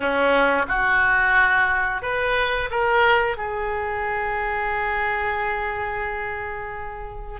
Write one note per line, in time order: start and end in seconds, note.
0.00 0.66 C#4
0.67 2.02 F#4
2.02 2.69 B4
2.70 3.37 A#4
3.37 7.40 G#4